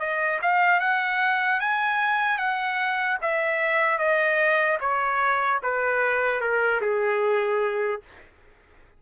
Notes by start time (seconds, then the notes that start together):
0.00 D#5
0.42 F5
0.80 F#5
1.60 G#5
2.38 F#5
3.22 E5
3.99 D#5
4.81 C#5
5.63 B4
6.41 A#4
6.82 G#4